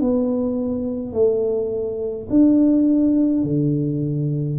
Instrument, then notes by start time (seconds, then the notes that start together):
tuba
0.00 B3
1.12 A3
2.29 D4
3.44 D3